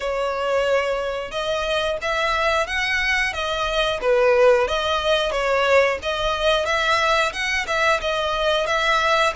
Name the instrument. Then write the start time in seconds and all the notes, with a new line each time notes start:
violin
0.00 C#5
1.31 D#5
2.02 E5
2.66 F#5
3.33 D#5
4.01 B4
4.67 D#5
5.32 C#5
6.02 D#5
6.65 E5
7.32 F#5
7.67 E5
8.01 D#5
8.66 E5